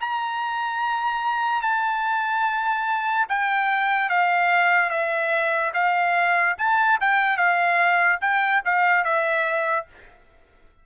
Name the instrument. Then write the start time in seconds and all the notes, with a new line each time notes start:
trumpet
0.00 A#5
1.61 A5
3.29 G5
4.09 F5
4.89 E5
5.73 F5
6.58 A5
7.00 G5
7.36 F5
8.21 G5
8.65 F5
9.04 E5